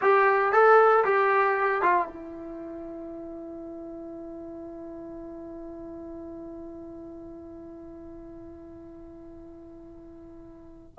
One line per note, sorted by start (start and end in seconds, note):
0.01 0.52 G4
0.52 1.04 A4
1.04 1.81 G4
1.81 2.07 F4
2.07 10.94 E4